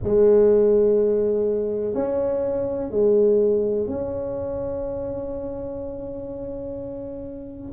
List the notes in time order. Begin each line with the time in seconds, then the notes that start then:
0.03 G#3
1.94 C#4
2.90 G#3
3.87 C#4